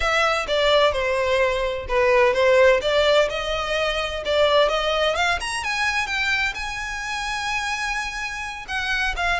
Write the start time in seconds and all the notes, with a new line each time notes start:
0.00 E5
0.47 D5
0.92 C5
1.88 B4
2.33 C5
2.81 D5
3.29 D#5
4.25 D5
4.68 D#5
5.15 F5
5.40 A#5
5.63 G#5
6.06 G5
6.54 G#5
8.68 F#5
9.16 F5